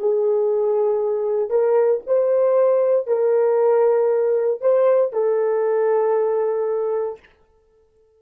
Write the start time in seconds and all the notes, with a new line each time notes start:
0.00 G#4
1.50 A#4
2.07 C5
3.08 A#4
4.62 C5
5.13 A4